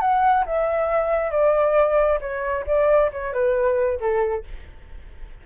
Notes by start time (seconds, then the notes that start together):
0.00 F#5
0.45 E5
1.31 D5
2.20 C#5
2.66 D5
3.11 C#5
3.32 B4
4.00 A4